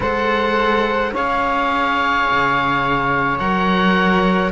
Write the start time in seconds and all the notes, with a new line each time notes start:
0.00 G#3 A4 C5 F#5
1.12 C#4 G#4 C#5 F5
2.29 C#3
3.38 F#3 A#4 F#5